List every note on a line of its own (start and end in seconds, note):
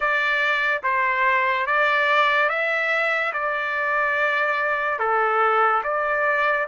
0.00 0.81 D5
0.83 1.66 C5
1.66 2.49 D5
2.49 3.32 E5
3.33 4.98 D5
4.98 5.82 A4
5.83 6.67 D5